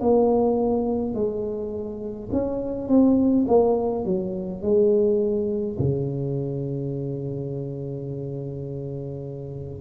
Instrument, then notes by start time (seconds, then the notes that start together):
tuba
0.00 A#3
1.14 G#3
2.32 C#4
2.88 C4
3.47 A#3
4.04 F#3
4.62 G#3
5.79 C#3